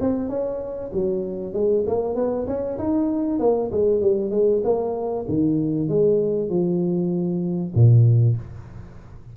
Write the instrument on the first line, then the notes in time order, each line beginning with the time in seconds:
tuba
0.00 C4
0.29 C#4
0.93 F#3
1.53 G#3
1.86 A#3
2.15 B3
2.47 C#4
2.78 D#4
3.39 A#3
3.71 G#3
4.01 G3
4.30 G#3
4.63 A#3
5.28 D#3
5.88 G#3
6.49 F3
7.74 A#2